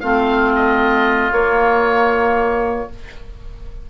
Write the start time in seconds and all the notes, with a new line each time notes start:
0.00 A3 C4 F4 F5
0.56 D#5
1.32 A#3 C#5